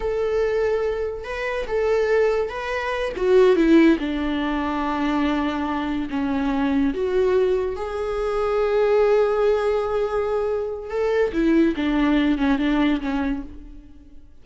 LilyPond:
\new Staff \with { instrumentName = "viola" } { \time 4/4 \tempo 4 = 143 a'2. b'4 | a'2 b'4. fis'8~ | fis'8 e'4 d'2~ d'8~ | d'2~ d'8 cis'4.~ |
cis'8 fis'2 gis'4.~ | gis'1~ | gis'2 a'4 e'4 | d'4. cis'8 d'4 cis'4 | }